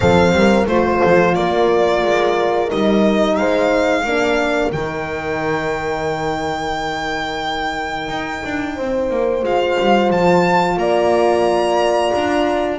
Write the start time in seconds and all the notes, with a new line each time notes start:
0.00 F3 C4 A4 F5
0.31 G3
0.37 A#4
0.66 A3 F4 C5
1.00 F3 A4
1.34 A#3 A#4 D5
2.03 G#3
2.68 G3 D#4 D#5
3.36 G#3 C5 F5
4.04 A#3 D4 A#4
4.72 D#3 D#4 G5
8.08 D#4
8.45 D4
8.75 C4 C5
9.09 A#3
9.43 G#3 F4 F5
9.79 G3
10.10 F3 A5
10.76 A#3 D5 A#5
12.15 D4